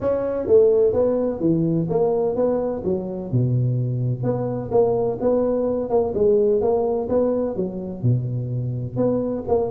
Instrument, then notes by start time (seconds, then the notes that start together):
tuba
0.00 C#4
0.46 A3
0.93 B3
1.40 E3
1.89 A#3
2.35 B3
2.84 F#3
3.31 B2
4.23 B3
4.71 A#3
5.20 B3
5.89 A#3
6.14 G#3
6.61 A#3
7.08 B3
7.56 F#3
8.02 B2
8.96 B3
9.47 A#3